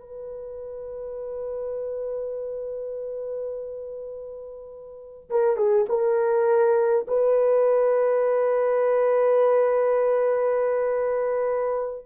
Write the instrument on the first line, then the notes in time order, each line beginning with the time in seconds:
horn
0.00 B4
5.30 A#4
5.56 G#4
5.88 A#4
7.07 B4